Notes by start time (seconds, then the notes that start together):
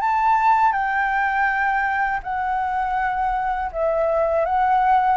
0.00 A5
0.72 G5
2.22 F#5
3.72 E5
4.45 F#5